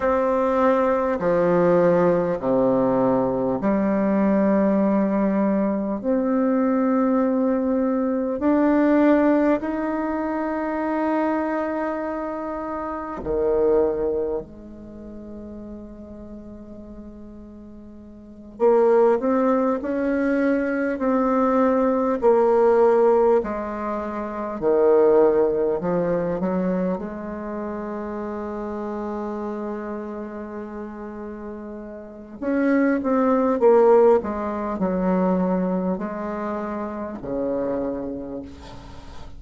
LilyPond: \new Staff \with { instrumentName = "bassoon" } { \time 4/4 \tempo 4 = 50 c'4 f4 c4 g4~ | g4 c'2 d'4 | dis'2. dis4 | gis2.~ gis8 ais8 |
c'8 cis'4 c'4 ais4 gis8~ | gis8 dis4 f8 fis8 gis4.~ | gis2. cis'8 c'8 | ais8 gis8 fis4 gis4 cis4 | }